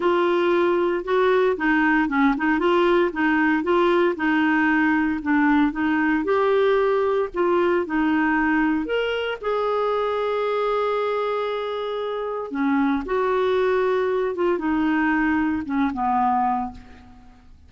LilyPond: \new Staff \with { instrumentName = "clarinet" } { \time 4/4 \tempo 4 = 115 f'2 fis'4 dis'4 | cis'8 dis'8 f'4 dis'4 f'4 | dis'2 d'4 dis'4 | g'2 f'4 dis'4~ |
dis'4 ais'4 gis'2~ | gis'1 | cis'4 fis'2~ fis'8 f'8 | dis'2 cis'8 b4. | }